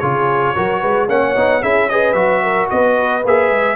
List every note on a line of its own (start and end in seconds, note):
0.00 0.56 C#3
0.00 0.56 F4
0.00 0.55 G#4
0.00 1.07 C#5
0.56 0.83 F#3
0.56 1.09 F#4
0.56 0.80 A#4
0.80 1.09 G#3
0.80 1.07 B4
1.09 1.36 A#3
1.09 1.36 C#4
1.09 1.62 C#5
1.09 1.63 F#5
1.36 1.63 B3
1.36 1.62 D#4
1.62 2.14 C#4
1.62 1.89 E4
1.62 1.89 G#4
1.62 1.90 E5
1.90 2.15 G#4
1.90 2.43 B4
1.90 2.13 D#5
2.13 2.68 F#3
2.13 3.22 F#4
2.13 2.67 E5
2.43 2.70 A#4
2.70 3.25 B3
2.70 3.77 B4
2.70 3.24 D#5
3.25 3.50 A#3
3.25 3.77 G#4
3.25 3.77 E5
3.50 3.77 G#3